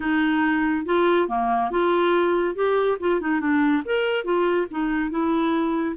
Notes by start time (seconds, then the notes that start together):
0.00 D#4
0.85 F4
1.28 A#3
1.70 F4
2.55 G4
3.00 F4
3.20 D#4
3.40 D4
3.85 A#4
4.24 F4
4.70 D#4
5.10 E4